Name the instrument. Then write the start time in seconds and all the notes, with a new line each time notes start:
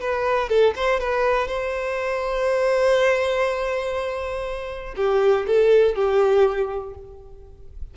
violin
0.00 B4
0.49 A4
0.76 C5
1.00 B4
1.47 C5
4.96 G4
5.46 A4
5.95 G4